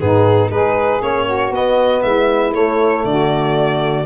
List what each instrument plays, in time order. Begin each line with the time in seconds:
0.00 tuba G#2, trombone B3, saxophone D#4, violin G#4
0.50 tuba G#3, trombone D#4, saxophone G#4, violin B4
1.01 tuba A#3, trombone C#4, violin C#5
1.25 saxophone F#4
1.51 tuba B3, trombone B3, violin D#5
2.03 tuba G#3, saxophone E4, violin E5
2.53 tuba A3, trombone A3, violin C#5
3.04 tuba D3, saxophone F#4, violin D5